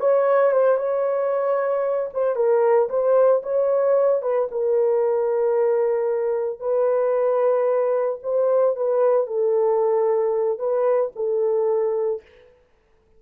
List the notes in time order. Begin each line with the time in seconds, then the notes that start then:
0.00 C#5
0.52 C5
0.77 C#5
2.14 C5
2.36 A#4
2.89 C5
3.43 C#5
4.22 B4
4.51 A#4
6.60 B4
8.23 C5
8.76 B4
9.27 A4
10.59 B4
11.16 A4